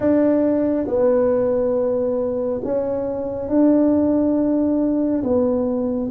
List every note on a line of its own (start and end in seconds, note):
0.00 0.87 D4
0.87 2.60 B3
2.63 3.48 C#4
3.48 5.22 D4
5.23 6.09 B3